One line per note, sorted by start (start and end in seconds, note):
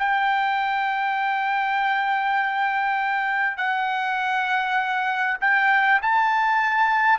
0.00 3.58 G5
3.58 5.38 F#5
5.41 6.01 G5
6.02 7.19 A5